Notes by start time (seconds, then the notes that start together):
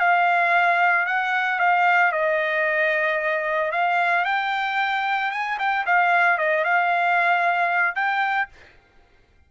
0.00 F5
1.06 F#5
1.60 F5
2.12 D#5
3.72 F5
4.25 G5
5.31 G#5
5.59 G5
5.86 F5
6.38 D#5
6.64 F5
7.95 G5